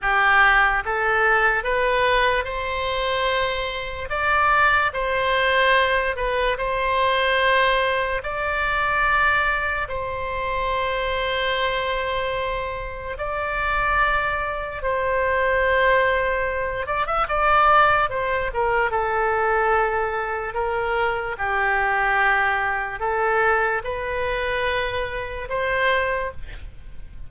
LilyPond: \new Staff \with { instrumentName = "oboe" } { \time 4/4 \tempo 4 = 73 g'4 a'4 b'4 c''4~ | c''4 d''4 c''4. b'8 | c''2 d''2 | c''1 |
d''2 c''2~ | c''8 d''16 e''16 d''4 c''8 ais'8 a'4~ | a'4 ais'4 g'2 | a'4 b'2 c''4 | }